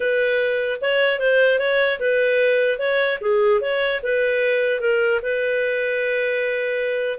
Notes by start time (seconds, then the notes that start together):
0.00 B4
0.81 C#5
1.19 C5
1.59 C#5
1.99 B4
2.79 C#5
3.20 G#4
3.61 C#5
4.02 B4
4.80 A#4
5.22 B4